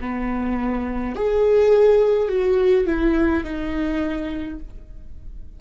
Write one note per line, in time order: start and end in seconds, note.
0.00 1.15 B3
1.15 2.29 G#4
2.29 2.86 F#4
2.86 3.44 E4
3.44 4.59 D#4